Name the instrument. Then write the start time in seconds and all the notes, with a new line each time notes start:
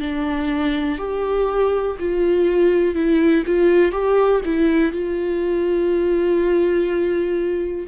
viola
0.00 D4
0.98 G4
1.99 F4
2.95 E4
3.46 F4
3.92 G4
4.45 E4
4.92 F4